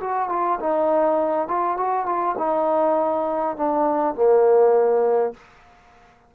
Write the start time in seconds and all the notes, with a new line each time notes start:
0.00 F#4
0.29 F4
0.60 D#4
1.48 F4
1.77 F#4
2.06 F4
2.38 D#4
3.56 D4
4.15 A#3